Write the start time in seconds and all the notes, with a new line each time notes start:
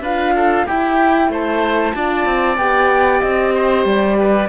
0.00 D4 F4 B4 F5
0.35 A4
0.66 E4 G4 G5
1.29 A3 C5 A5
1.93 D4 F4 D5
2.25 C4
2.57 B3 G4 G5
3.20 C4 D#5
3.54 C5
3.85 G3 D5
4.19 B4